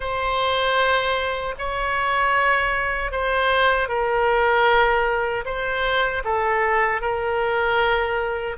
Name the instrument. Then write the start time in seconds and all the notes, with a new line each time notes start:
oboe
0.00 C5
1.58 C#5
3.11 C5
3.88 A#4
5.45 C5
6.24 A4
7.01 A#4